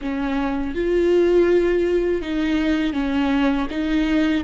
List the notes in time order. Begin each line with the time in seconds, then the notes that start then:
0.01 C#4
0.74 F4
2.21 D#4
2.93 C#4
3.69 D#4